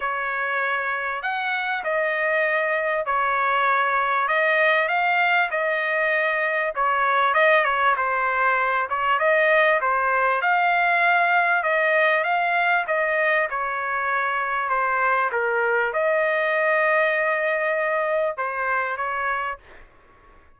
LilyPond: \new Staff \with { instrumentName = "trumpet" } { \time 4/4 \tempo 4 = 98 cis''2 fis''4 dis''4~ | dis''4 cis''2 dis''4 | f''4 dis''2 cis''4 | dis''8 cis''8 c''4. cis''8 dis''4 |
c''4 f''2 dis''4 | f''4 dis''4 cis''2 | c''4 ais'4 dis''2~ | dis''2 c''4 cis''4 | }